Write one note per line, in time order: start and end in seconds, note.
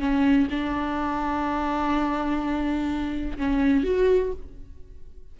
0.00 0.48 C#4
0.51 3.38 D4
3.38 3.84 C#4
3.84 4.32 F#4